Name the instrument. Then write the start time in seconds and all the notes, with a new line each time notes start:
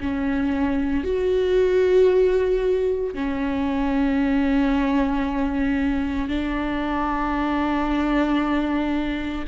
viola
0.00 C#4
1.04 F#4
3.14 C#4
6.29 D4